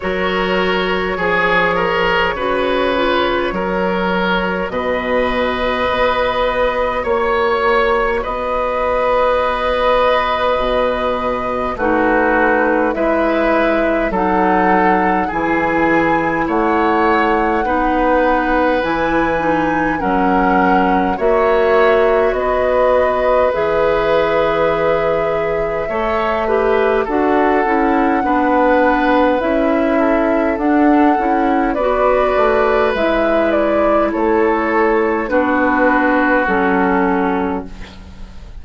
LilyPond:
<<
  \new Staff \with { instrumentName = "flute" } { \time 4/4 \tempo 4 = 51 cis''1 | dis''2 cis''4 dis''4~ | dis''2 b'4 e''4 | fis''4 gis''4 fis''2 |
gis''4 fis''4 e''4 dis''4 | e''2. fis''4~ | fis''4 e''4 fis''4 d''4 | e''8 d''8 cis''4 b'4 a'4 | }
  \new Staff \with { instrumentName = "oboe" } { \time 4/4 ais'4 gis'8 ais'8 b'4 ais'4 | b'2 cis''4 b'4~ | b'2 fis'4 b'4 | a'4 gis'4 cis''4 b'4~ |
b'4 ais'4 cis''4 b'4~ | b'2 cis''8 b'8 a'4 | b'4. a'4. b'4~ | b'4 a'4 fis'2 | }
  \new Staff \with { instrumentName = "clarinet" } { \time 4/4 fis'4 gis'4 fis'8 f'8 fis'4~ | fis'1~ | fis'2 dis'4 e'4 | dis'4 e'2 dis'4 |
e'8 dis'8 cis'4 fis'2 | gis'2 a'8 g'8 fis'8 e'8 | d'4 e'4 d'8 e'8 fis'4 | e'2 d'4 cis'4 | }
  \new Staff \with { instrumentName = "bassoon" } { \time 4/4 fis4 f4 cis4 fis4 | b,4 b4 ais4 b4~ | b4 b,4 a4 gis4 | fis4 e4 a4 b4 |
e4 fis4 ais4 b4 | e2 a4 d'8 cis'8 | b4 cis'4 d'8 cis'8 b8 a8 | gis4 a4 b4 fis4 | }
>>